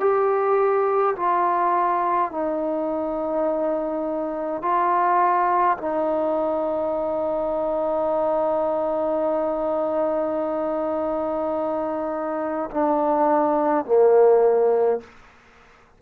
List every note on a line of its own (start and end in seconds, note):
0.00 1.15 G4
1.16 2.31 F4
2.31 4.62 D#4
4.62 5.77 F4
5.77 12.70 D#4
12.71 13.85 D4
13.85 15.01 A#3